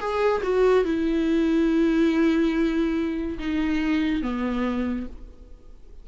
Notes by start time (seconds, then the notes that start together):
0.00 G#4
0.43 F#4
0.85 E4
3.39 D#4
4.22 B3